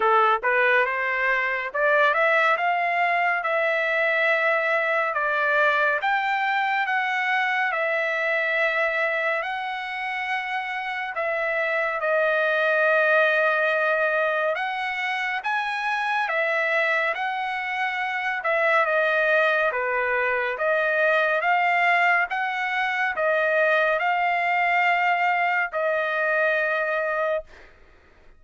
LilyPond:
\new Staff \with { instrumentName = "trumpet" } { \time 4/4 \tempo 4 = 70 a'8 b'8 c''4 d''8 e''8 f''4 | e''2 d''4 g''4 | fis''4 e''2 fis''4~ | fis''4 e''4 dis''2~ |
dis''4 fis''4 gis''4 e''4 | fis''4. e''8 dis''4 b'4 | dis''4 f''4 fis''4 dis''4 | f''2 dis''2 | }